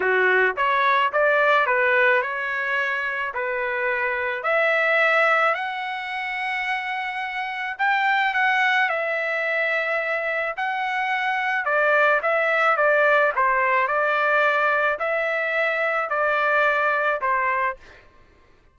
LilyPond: \new Staff \with { instrumentName = "trumpet" } { \time 4/4 \tempo 4 = 108 fis'4 cis''4 d''4 b'4 | cis''2 b'2 | e''2 fis''2~ | fis''2 g''4 fis''4 |
e''2. fis''4~ | fis''4 d''4 e''4 d''4 | c''4 d''2 e''4~ | e''4 d''2 c''4 | }